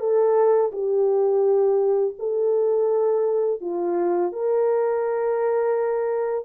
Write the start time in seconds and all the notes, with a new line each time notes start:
0.00 A4
0.72 G4
2.19 A4
3.61 F4
4.32 A#4